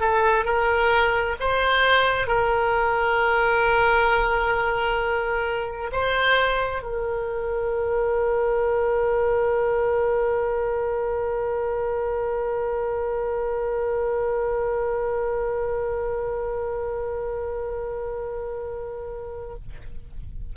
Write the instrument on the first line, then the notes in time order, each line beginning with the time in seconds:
oboe
0.00 A4
0.45 A#4
1.40 C5
2.28 A#4
5.92 C5
6.83 A#4